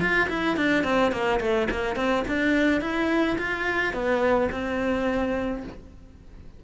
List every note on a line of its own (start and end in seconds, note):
0.00 0.28 F4
0.29 0.56 E4
0.56 0.84 D4
0.84 1.12 C4
1.12 1.40 A#3
1.40 1.68 A3
1.71 1.96 A#3
1.96 2.24 C4
2.28 2.81 D4
2.81 3.37 E4
3.38 3.94 F4
3.94 4.50 B3
4.51 5.63 C4